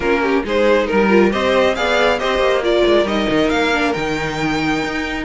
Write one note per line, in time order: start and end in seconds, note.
0.00 0.42 A#3
0.00 0.44 C#4
0.00 0.20 F4
0.00 0.44 A#4
0.22 0.44 G4
0.44 0.88 G#3
0.44 1.09 D#4
0.44 0.88 G#4
0.44 0.86 C5
0.86 1.33 G3
0.86 1.30 A#4
0.86 1.32 A#4
1.09 1.30 F4
1.30 1.77 C4
1.30 1.74 G4
1.30 1.76 C5
1.30 1.75 D#5
1.75 2.21 B3
1.75 2.19 G#4
1.75 2.19 D5
1.75 2.18 F5
2.18 2.37 C4
2.18 2.61 G4
2.18 2.63 C5
2.18 2.62 D#5
2.37 2.81 A#3
2.61 3.05 F4
2.61 5.25 A#4
2.61 3.07 D5
2.86 3.04 G#3
3.04 3.26 G3
3.04 3.72 D#4
3.04 3.49 D#5
3.29 3.50 D#3
3.49 3.94 A#3
3.49 3.93 F5
3.72 3.94 D4
3.93 4.83 D#3
3.93 5.25 D#4
3.93 5.24 G5
4.83 5.25 D#4